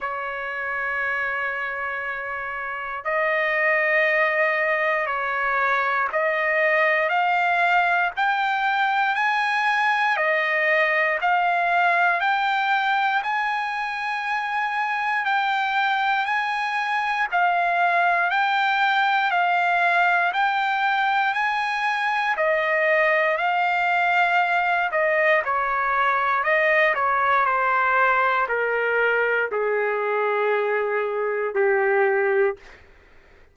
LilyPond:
\new Staff \with { instrumentName = "trumpet" } { \time 4/4 \tempo 4 = 59 cis''2. dis''4~ | dis''4 cis''4 dis''4 f''4 | g''4 gis''4 dis''4 f''4 | g''4 gis''2 g''4 |
gis''4 f''4 g''4 f''4 | g''4 gis''4 dis''4 f''4~ | f''8 dis''8 cis''4 dis''8 cis''8 c''4 | ais'4 gis'2 g'4 | }